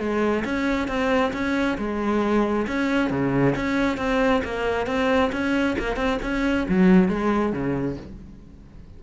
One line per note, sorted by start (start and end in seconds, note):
0.00 0.44 G#3
0.45 0.88 C#4
0.88 1.33 C4
1.34 1.78 C#4
1.78 2.67 G#3
2.68 3.11 C#4
3.11 3.55 C#3
3.56 3.98 C#4
3.98 4.42 C4
4.45 4.87 A#3
4.87 5.31 C4
5.33 5.77 C#4
5.79 5.97 A#3
5.97 6.19 C4
6.23 6.67 C#4
6.69 7.09 F#3
7.09 7.53 G#3
7.53 7.97 C#3